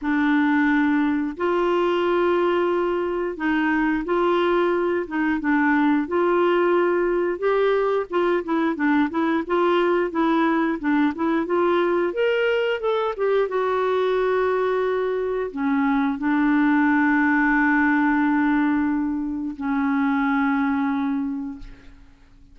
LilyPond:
\new Staff \with { instrumentName = "clarinet" } { \time 4/4 \tempo 4 = 89 d'2 f'2~ | f'4 dis'4 f'4. dis'8 | d'4 f'2 g'4 | f'8 e'8 d'8 e'8 f'4 e'4 |
d'8 e'8 f'4 ais'4 a'8 g'8 | fis'2. cis'4 | d'1~ | d'4 cis'2. | }